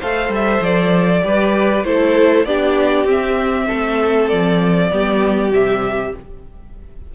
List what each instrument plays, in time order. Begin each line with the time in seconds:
0.00 cello A3, viola A4, violin C5 F5
0.29 cello G3
0.35 violin E5
0.61 cello F3, violin D5
1.23 cello G3, viola G4, violin B4
1.85 cello A3, viola E4, violin A4 C5
2.45 cello B3, viola D4, violin G4 D5
3.05 cello C4, viola C4, violin E5
3.68 cello A3, violin A4
4.29 cello F3, violin D5
4.90 cello G3, viola B3, violin G4
5.52 cello C3, viola G3, violin E5